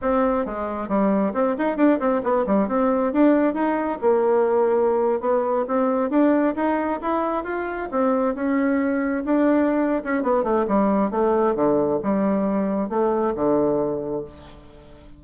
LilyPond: \new Staff \with { instrumentName = "bassoon" } { \time 4/4 \tempo 4 = 135 c'4 gis4 g4 c'8 dis'8 | d'8 c'8 b8 g8 c'4 d'4 | dis'4 ais2~ ais8. b16~ | b8. c'4 d'4 dis'4 e'16~ |
e'8. f'4 c'4 cis'4~ cis'16~ | cis'8. d'4.~ d'16 cis'8 b8 a8 | g4 a4 d4 g4~ | g4 a4 d2 | }